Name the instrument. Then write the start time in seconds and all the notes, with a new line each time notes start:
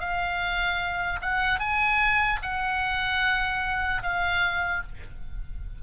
oboe
0.00 F5
1.21 F#5
1.59 G#5
2.42 F#5
4.03 F5